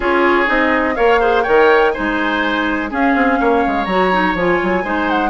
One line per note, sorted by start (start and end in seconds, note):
0.00 0.47 C#4
0.00 0.46 F4
0.00 0.94 G#4
0.00 0.48 C#5
0.46 0.97 C4
0.46 0.94 D#4
0.46 0.95 D#5
0.95 1.46 A#3
0.95 1.19 A#4
0.95 1.20 C#5
0.95 1.43 F5
1.20 1.44 G#4
1.20 1.43 C5
1.43 1.95 D#3
1.43 1.94 A#4
1.43 1.91 C#5
1.43 1.91 G5
1.91 2.89 D#4
1.91 2.90 C5
1.91 2.88 G#5
1.98 2.91 G#3
2.89 3.86 C#4
2.89 3.14 C#4
2.89 3.38 G#4
2.89 3.85 F5
3.14 3.38 C4
3.40 3.64 A#3
3.40 4.84 C#5
3.66 3.86 G#3
3.85 4.34 F#3
3.85 4.12 F#4
3.85 4.33 A#5
4.12 4.36 D#4
4.34 4.58 F3
4.34 4.83 F4
4.34 5.09 G#5
4.63 4.84 F#3
4.83 5.29 G#3
4.83 5.29 D#4
4.83 5.29 C5
5.09 5.29 F#5